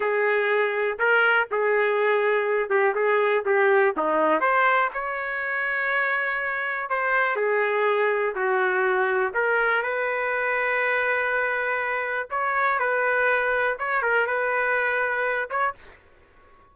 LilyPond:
\new Staff \with { instrumentName = "trumpet" } { \time 4/4 \tempo 4 = 122 gis'2 ais'4 gis'4~ | gis'4. g'8 gis'4 g'4 | dis'4 c''4 cis''2~ | cis''2 c''4 gis'4~ |
gis'4 fis'2 ais'4 | b'1~ | b'4 cis''4 b'2 | cis''8 ais'8 b'2~ b'8 cis''8 | }